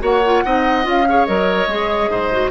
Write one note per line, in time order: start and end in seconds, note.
0.00 0.44 A#3
0.00 0.21 F#4
0.00 0.44 C#5
0.00 0.88 F#5
0.26 0.46 F4
0.45 0.86 C4
0.45 0.84 D#4
0.45 1.08 D#5
0.84 1.28 C#4
0.84 1.05 F4
0.84 1.26 F5
1.09 1.28 G#4
1.09 2.11 C#5
1.26 1.68 F#3
1.26 1.69 A#4
1.26 2.51 D#5
1.68 2.10 G#3
1.68 2.32 G#4
2.10 2.51 G#2
2.10 2.51 C5
2.32 2.51 F#4